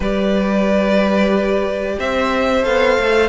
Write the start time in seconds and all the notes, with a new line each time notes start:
0.00 G3 G4 B4 D5
1.98 C4 C5 E5
2.62 B3 A4 F5
2.99 A3